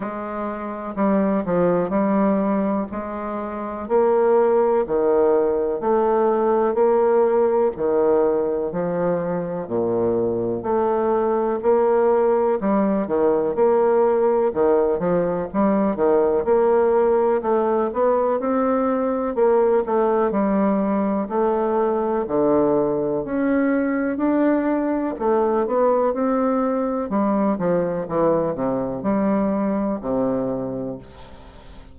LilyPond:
\new Staff \with { instrumentName = "bassoon" } { \time 4/4 \tempo 4 = 62 gis4 g8 f8 g4 gis4 | ais4 dis4 a4 ais4 | dis4 f4 ais,4 a4 | ais4 g8 dis8 ais4 dis8 f8 |
g8 dis8 ais4 a8 b8 c'4 | ais8 a8 g4 a4 d4 | cis'4 d'4 a8 b8 c'4 | g8 f8 e8 c8 g4 c4 | }